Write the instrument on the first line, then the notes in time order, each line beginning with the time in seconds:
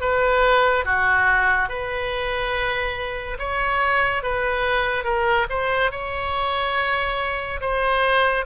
oboe
0.00 B4
0.85 F#4
1.68 B4
3.39 C#5
4.23 B4
5.04 A#4
5.49 C5
5.91 C#5
7.61 C5